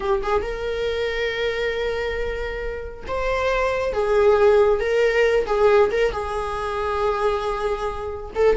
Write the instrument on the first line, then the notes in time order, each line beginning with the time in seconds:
viola
0.00 G4
0.22 G#4
0.41 A#4
3.07 C5
3.92 G#4
4.80 A#4
5.46 G#4
5.91 A#4
6.12 G#4
8.35 A4